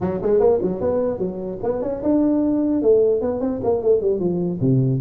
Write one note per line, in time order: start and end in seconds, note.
0.01 0.21 F#3
0.21 0.40 G#3
0.40 0.60 A#3
0.61 0.80 F#3
0.80 1.18 B3
1.18 1.58 F#3
1.62 1.81 B3
1.81 2.01 C#4
2.03 2.82 D4
2.82 3.21 A3
3.21 3.40 B3
3.40 3.60 C4
3.63 3.82 A#3
3.82 4.01 A3
4.01 4.19 G3
4.19 4.59 F3
4.60 5.00 C3